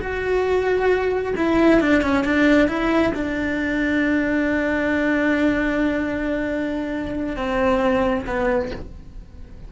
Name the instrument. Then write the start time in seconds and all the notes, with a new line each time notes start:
cello
0.00 F#4
1.36 E4
1.80 D4
2.02 C#4
2.24 D4
2.68 E4
3.14 D4
7.36 C4
8.26 B3